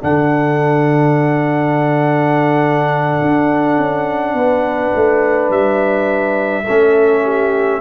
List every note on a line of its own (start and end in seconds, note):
0.00 3.20 D3
0.00 6.63 D4
0.00 4.36 A4
0.00 5.51 F#5
3.21 3.76 D4
3.76 4.33 C#4
4.33 4.91 B3
4.33 6.64 B4
4.94 5.49 A3
5.49 6.65 G3
5.49 7.81 E5
6.64 7.81 A3
6.64 7.81 C#4
6.64 7.22 A4
7.23 7.81 G4